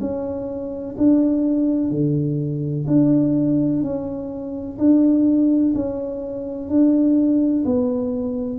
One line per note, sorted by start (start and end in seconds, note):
0.00 0.95 C#4
0.97 1.90 D4
1.90 2.85 D3
2.87 3.82 D4
3.82 4.77 C#4
4.78 5.73 D4
5.74 6.68 C#4
6.68 7.64 D4
7.65 8.59 B3